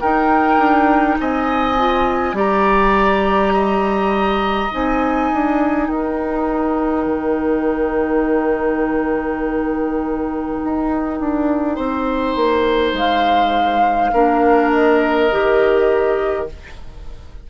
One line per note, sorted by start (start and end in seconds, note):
0.00 1.77 D#4
0.00 0.58 D#4
0.00 1.18 A#4
0.00 1.18 G5
0.58 1.17 D4
1.20 2.33 C4
1.20 2.36 D#5
1.20 2.38 G#5
1.77 2.34 F4
2.33 4.68 G3
2.33 4.69 G4
2.33 3.53 D5
2.33 4.74 A#5
3.53 5.88 D#5
4.71 5.32 C4
4.71 14.12 D#4
4.71 5.89 G#5
5.33 5.89 D4
5.88 7.06 D#4
5.88 11.75 A#4
5.88 12.95 G5
7.06 10.59 D#3
10.64 11.20 D#4
11.20 11.78 D4
11.75 12.36 C4
11.75 14.11 C5
12.36 12.93 A#3
12.93 14.10 G#3
12.93 14.71 F5
14.13 15.31 A#3
14.13 15.31 D4
14.13 16.48 A#4
14.71 16.47 D#5
15.31 16.50 D#3
15.31 16.49 G4